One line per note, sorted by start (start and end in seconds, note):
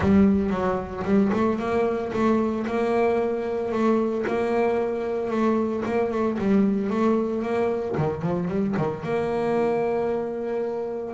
0.00 0.49 G3
0.49 1.03 F#3
1.04 1.30 G3
1.32 1.58 A3
1.58 2.11 A#3
2.12 2.65 A3
2.66 3.71 A#3
3.71 4.25 A3
4.27 5.30 A#3
5.30 5.83 A3
5.85 6.11 A#3
6.11 6.37 A3
6.38 6.90 G3
6.90 7.42 A3
7.42 7.95 A#3
7.97 8.22 D#3
8.22 8.48 F3
8.48 8.74 G3
8.77 9.03 D#3
9.03 11.14 A#3